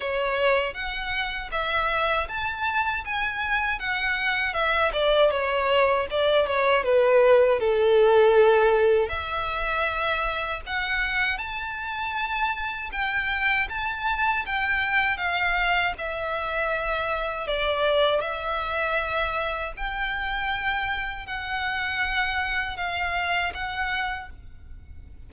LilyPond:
\new Staff \with { instrumentName = "violin" } { \time 4/4 \tempo 4 = 79 cis''4 fis''4 e''4 a''4 | gis''4 fis''4 e''8 d''8 cis''4 | d''8 cis''8 b'4 a'2 | e''2 fis''4 a''4~ |
a''4 g''4 a''4 g''4 | f''4 e''2 d''4 | e''2 g''2 | fis''2 f''4 fis''4 | }